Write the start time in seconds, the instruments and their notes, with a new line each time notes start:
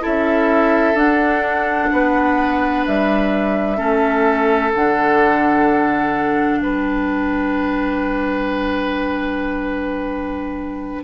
0.00 bassoon C#4, clarinet E4, oboe A4, flute E5
0.94 bassoon D4, clarinet D4, flute F#5
1.92 bassoon B3, oboe B4
2.86 bassoon G3, flute E5
3.77 bassoon A3, clarinet C#4, oboe A4
4.75 bassoon D3, clarinet D4, flute F#5
6.60 bassoon G3, oboe B4, flute G5